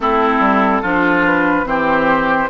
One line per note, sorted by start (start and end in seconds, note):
0.00 0.39 A3
0.00 0.84 C4
0.00 0.81 E4
0.00 1.26 A4
0.39 0.81 G3
0.81 1.65 F3
0.81 1.64 D4
0.81 1.65 F4
1.26 1.66 B4
1.64 2.48 E3
1.64 2.48 C4
1.64 2.49 G4
1.64 2.49 C5